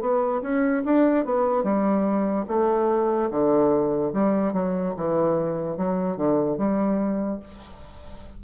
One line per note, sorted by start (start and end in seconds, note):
0.00 0.41 B3
0.41 0.83 C#4
0.85 1.25 D4
1.25 1.63 B3
1.63 2.45 G3
2.47 3.30 A3
3.30 4.12 D3
4.13 4.52 G3
4.52 4.94 F#3
4.96 5.77 E3
5.77 6.16 F#3
6.16 6.57 D3
6.57 7.39 G3